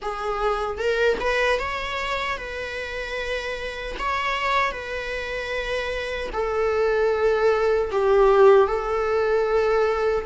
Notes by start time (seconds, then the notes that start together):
0.01 G#4
0.78 A#4
1.20 B4
1.59 C#5
2.37 B4
3.99 C#5
4.71 B4
6.33 A4
7.91 G4
8.67 A4